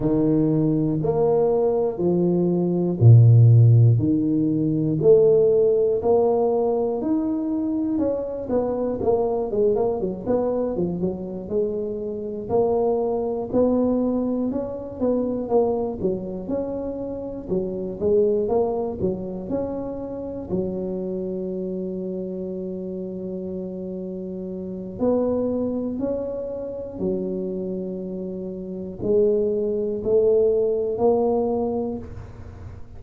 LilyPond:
\new Staff \with { instrumentName = "tuba" } { \time 4/4 \tempo 4 = 60 dis4 ais4 f4 ais,4 | dis4 a4 ais4 dis'4 | cis'8 b8 ais8 gis16 ais16 fis16 b8 f16 fis8 gis8~ | gis8 ais4 b4 cis'8 b8 ais8 |
fis8 cis'4 fis8 gis8 ais8 fis8 cis'8~ | cis'8 fis2.~ fis8~ | fis4 b4 cis'4 fis4~ | fis4 gis4 a4 ais4 | }